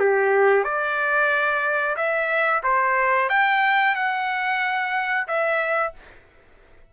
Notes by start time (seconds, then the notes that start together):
0.00 G4
0.64 D5
1.97 E5
2.64 C5
3.30 G5
3.96 F#5
5.28 E5